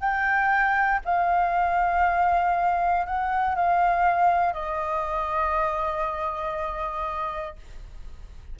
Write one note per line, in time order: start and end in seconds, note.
0.00 1.01 G5
1.05 3.06 F5
3.06 3.55 F#5
3.55 4.53 F5
4.53 7.56 D#5